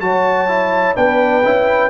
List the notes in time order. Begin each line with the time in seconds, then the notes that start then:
0.00 F#3 F#4 C#5 A5
0.48 E4
0.95 B3 D4 B4 G5
1.44 C#4 E4